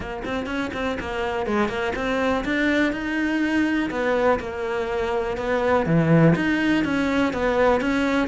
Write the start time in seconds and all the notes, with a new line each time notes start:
0.00 A#3
0.24 C4
0.46 C#4
0.73 C4
1.00 A#3
1.46 G#3
1.68 A#3
1.95 C4
2.44 D4
2.92 D#4
3.90 B3
4.39 A#3
5.37 B3
5.85 E3
6.35 D#4
6.84 C#4
7.33 B3
7.80 C#4